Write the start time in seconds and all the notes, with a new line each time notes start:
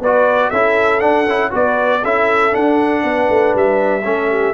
0.00 B3 F#4 B4 D5
0.50 C#4 E4 A4 E5
1.00 D4 F#5
1.26 C#4 E4
1.51 B3 F#4 B4 D5
2.03 C#4 E4 A4 E5
2.51 D4 F#5
3.03 B3 B4
3.30 A3
3.55 G3 E5
4.03 A3 C#4 A4
4.29 G4